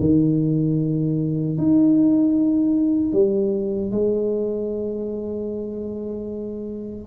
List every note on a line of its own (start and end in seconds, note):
0.00 1.58 D#3
1.58 3.13 D#4
3.13 3.92 G3
3.92 7.08 G#3